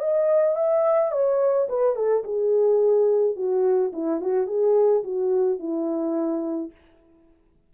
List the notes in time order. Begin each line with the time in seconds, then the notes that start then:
0.00 D#5
0.56 E5
1.12 C#5
1.69 B4
1.96 A4
2.24 G#4
3.36 F#4
3.93 E4
4.21 F#4
4.47 G#4
5.04 F#4
5.59 E4